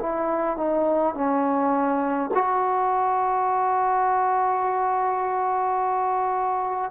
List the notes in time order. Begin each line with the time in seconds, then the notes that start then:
0.00 E4
0.57 D#4
1.15 C#4
2.34 F#4